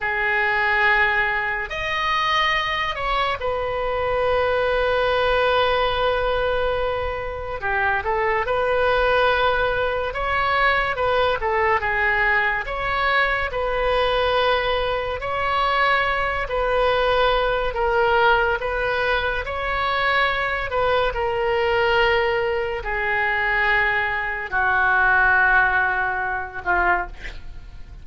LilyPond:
\new Staff \with { instrumentName = "oboe" } { \time 4/4 \tempo 4 = 71 gis'2 dis''4. cis''8 | b'1~ | b'4 g'8 a'8 b'2 | cis''4 b'8 a'8 gis'4 cis''4 |
b'2 cis''4. b'8~ | b'4 ais'4 b'4 cis''4~ | cis''8 b'8 ais'2 gis'4~ | gis'4 fis'2~ fis'8 f'8 | }